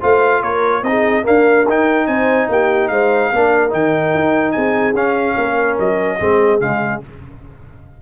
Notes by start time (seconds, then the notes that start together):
0.00 A3 F4 C5 F5
0.41 A#3 A#4 C#5
0.82 C4 D#4 G#4 D#5
1.23 A#3 D4 A#4 F5
1.68 D#4 G5
2.06 C4 C5 G#5
2.49 A#3 G4 G5
2.88 G#3 C5 F5
3.31 A#3 D4 A#4
3.69 D#3 D#4 G5
4.14 D#4
4.51 C4 G#4 G#5
4.93 C#4 F5
5.36 A#3 A#4
5.79 F#3 D#5
6.18 G#3 C4 G#4
6.60 C#3 G#3 F5